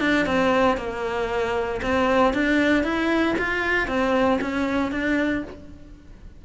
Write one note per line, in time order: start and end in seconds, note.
0.00 0.26 D4
0.26 0.77 C4
0.77 1.81 A#3
1.82 2.34 C4
2.34 2.84 D4
2.84 3.35 E4
3.39 3.88 F4
3.88 4.39 C4
4.41 4.91 C#4
4.91 5.43 D4